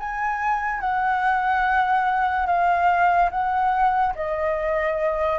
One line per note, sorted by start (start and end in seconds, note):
0.00 0.81 G#5
0.81 2.47 F#5
2.47 3.30 F5
3.31 4.14 F#5
4.16 5.40 D#5